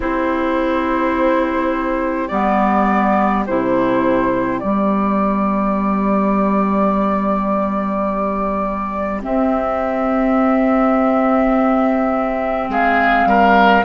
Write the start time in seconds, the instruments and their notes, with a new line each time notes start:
0.00 bassoon C4, clarinet E4, oboe G4, flute C5
2.27 bassoon G3, clarinet B3, flute D5
3.46 bassoon C3, clarinet E4, flute C5
4.59 bassoon G3, clarinet B3, flute D5
9.21 clarinet C4, bassoon C4, flute E5
12.69 bassoon G#3, oboe G#4, flute F5
13.25 bassoon G3, oboe A#4